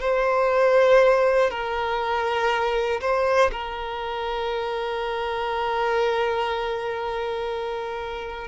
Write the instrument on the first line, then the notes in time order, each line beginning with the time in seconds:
violin
0.00 C5
1.50 A#4
3.00 C5
3.51 A#4